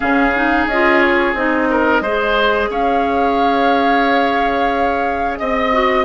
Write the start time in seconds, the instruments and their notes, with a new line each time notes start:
0.00 bassoon C#3, clarinet C#4, oboe G#4, flute F5
0.35 clarinet D#4
0.66 bassoon C#4, flute D#5
0.72 clarinet F4
1.01 flute C#5
1.33 bassoon C4, clarinet D#4, flute D#5
1.70 oboe A#4
2.00 bassoon G#3, clarinet G#4, oboe C5
2.69 bassoon C#4, oboe C#5, flute F5
5.38 bassoon C4, flute D#5, oboe D#5
5.73 clarinet F#4